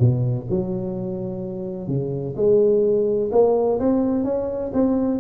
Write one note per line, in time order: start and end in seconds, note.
0.00 0.47 B2
0.50 1.88 F#3
1.88 2.35 C#3
2.36 3.31 G#3
3.32 3.79 A#3
3.80 4.24 C4
4.24 4.72 C#4
4.74 5.20 C4